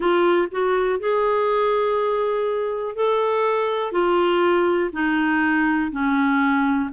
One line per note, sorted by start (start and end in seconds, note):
0.00 0.48 F4
0.51 0.99 F#4
0.99 2.95 G#4
2.95 3.92 A4
3.92 4.90 F4
4.92 5.91 D#4
5.92 6.90 C#4